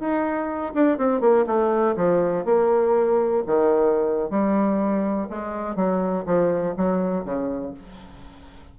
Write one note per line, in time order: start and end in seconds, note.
0.00 0.74 D#4
0.75 0.98 D4
0.98 1.21 C4
1.21 1.46 A#3
1.47 1.96 A3
1.97 2.45 F3
2.45 3.44 A#3
3.47 4.31 D#3
4.31 5.29 G3
5.30 5.76 G#3
5.76 6.25 F#3
6.26 6.75 F3
6.77 7.25 F#3
7.25 7.74 C#3